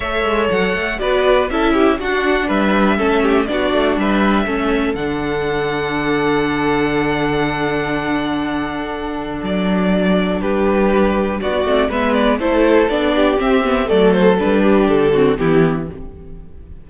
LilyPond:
<<
  \new Staff \with { instrumentName = "violin" } { \time 4/4 \tempo 4 = 121 e''4 fis''4 d''4 e''4 | fis''4 e''2 d''4 | e''2 fis''2~ | fis''1~ |
fis''2. d''4~ | d''4 b'2 d''4 | e''8 d''8 c''4 d''4 e''4 | d''8 c''8 b'4 a'4 g'4 | }
  \new Staff \with { instrumentName = "violin" } { \time 4/4 cis''2 b'4 a'8 g'8 | fis'4 b'4 a'8 g'8 fis'4 | b'4 a'2.~ | a'1~ |
a'1~ | a'4 g'2 fis'4 | b'4 a'4. g'4. | a'4. g'4 fis'8 e'4 | }
  \new Staff \with { instrumentName = "viola" } { \time 4/4 a'2 fis'4 e'4 | d'2 cis'4 d'4~ | d'4 cis'4 d'2~ | d'1~ |
d'1~ | d'2.~ d'8 c'8 | b4 e'4 d'4 c'8 b8 | a4 d'4. c'8 b4 | }
  \new Staff \with { instrumentName = "cello" } { \time 4/4 a8 gis8 fis8 a8 b4 cis'4 | d'4 g4 a4 b8 a8 | g4 a4 d2~ | d1~ |
d2. fis4~ | fis4 g2 b8 a8 | gis4 a4 b4 c'4 | fis4 g4 d4 e4 | }
>>